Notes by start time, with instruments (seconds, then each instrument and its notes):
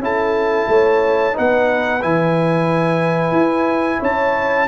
0.00 tuba C#4, trombone E4, horn A4, trumpet A5
0.68 tuba A3, horn C#5
1.33 tuba B3, trombone D#4, horn B4, trumpet F#5
2.02 tuba E3, trombone E4, trumpet G#5
3.32 tuba E4
4.00 tuba C#4, horn C#5, trumpet A5